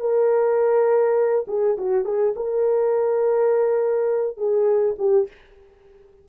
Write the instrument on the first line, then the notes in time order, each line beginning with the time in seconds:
horn
0.00 A#4
1.48 G#4
1.77 F#4
2.05 G#4
2.36 A#4
4.37 G#4
4.98 G4